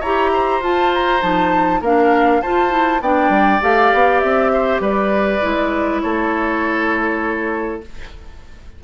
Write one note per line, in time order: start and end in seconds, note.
0.00 0.60 E4
0.00 0.62 G4
0.00 0.30 C#5
0.00 0.61 A#5
0.33 1.80 C5
0.60 1.20 F4
0.60 1.21 F4
0.60 0.93 A5
0.94 1.22 A#5
1.21 1.81 F3
1.21 1.81 D#4
1.21 1.82 A5
1.80 2.41 A#3
1.80 2.43 D4
1.80 2.41 A#4
1.80 2.42 F5
2.42 2.69 F4
2.42 3.00 F4
2.42 3.02 C5
2.42 3.02 A5
2.69 2.99 E4
3.00 3.29 B3
3.00 3.61 D4
3.00 4.52 D5
3.00 3.62 G5
3.29 3.59 G3
3.61 3.93 A3
3.61 5.41 G4
3.61 4.20 F5
3.93 4.23 B3
4.20 4.80 C4
4.20 4.80 E5
4.53 4.82 C5
4.80 5.40 G3
4.80 6.02 B4
4.80 6.01 D5
5.41 6.04 G#3
5.41 7.81 E4
6.01 7.84 A3
6.01 7.83 A4
6.01 7.81 C#5